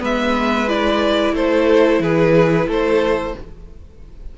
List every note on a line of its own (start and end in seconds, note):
0.00 1.33 G#3
0.00 0.67 B3
0.00 1.35 B4
0.00 0.69 E5
0.68 3.35 E4
0.68 1.36 D5
1.33 2.00 A3
1.33 2.02 A4
1.33 2.03 C5
2.00 2.67 E3
2.00 2.68 G#4
2.00 2.69 B4
2.68 3.34 A3
2.68 3.34 A4
2.68 3.38 C5